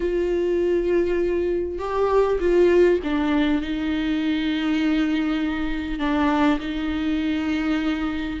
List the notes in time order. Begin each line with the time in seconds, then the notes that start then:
0.00 F4
1.78 G4
2.40 F4
3.03 D4
3.61 D#4
5.99 D4
6.59 D#4